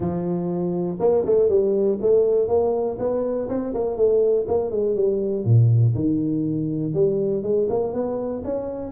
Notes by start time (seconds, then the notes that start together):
0.00 F3
0.99 A#3
1.25 A3
1.49 G3
2.01 A3
2.48 A#3
2.98 B3
3.48 C4
3.73 A#3
3.96 A3
4.47 A#3
4.70 G#3
4.95 G3
5.44 A#2
5.94 D#3
6.94 G3
7.42 G#3
7.69 A#3
7.93 B3
8.44 C#4